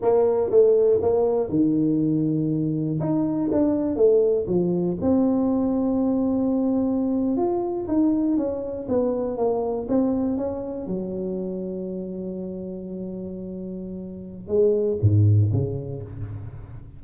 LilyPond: \new Staff \with { instrumentName = "tuba" } { \time 4/4 \tempo 4 = 120 ais4 a4 ais4 dis4~ | dis2 dis'4 d'4 | a4 f4 c'2~ | c'2~ c'8. f'4 dis'16~ |
dis'8. cis'4 b4 ais4 c'16~ | c'8. cis'4 fis2~ fis16~ | fis1~ | fis4 gis4 gis,4 cis4 | }